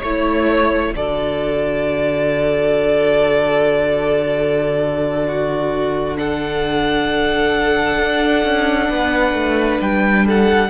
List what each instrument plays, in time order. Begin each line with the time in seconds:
0.00 cello A3, viola E4, violin C#5
0.95 cello D3, viola F#4, violin A4 D5
5.27 violin F#4
6.16 viola D4, violin A4 F#5
7.99 cello D4
8.44 cello C#4
8.90 cello B3, violin B4
9.33 cello A3
9.81 cello G3, violin G5
10.26 violin A4 F#5